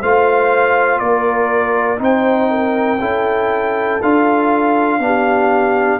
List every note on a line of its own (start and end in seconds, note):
0.00 1.00 A3
0.00 1.97 F4
0.00 1.00 C5
0.00 0.99 F5
0.99 1.99 A#3
0.99 1.99 A#4
0.99 1.99 D5
1.97 2.99 C4
1.97 2.98 D#4
1.97 2.49 C5
2.04 4.02 G5
2.50 3.00 A#4
3.00 4.00 C#4
3.00 4.00 E4
3.00 5.00 A4
4.02 4.99 D4
4.02 5.00 F4
4.02 5.99 F5
4.99 5.99 B3
4.99 5.99 D4
5.05 5.99 G4